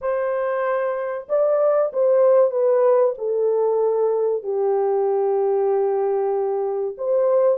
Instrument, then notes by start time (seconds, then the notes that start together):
horn
0.01 C5
1.29 D5
1.92 C5
2.50 B4
3.18 A4
4.43 G4
6.97 C5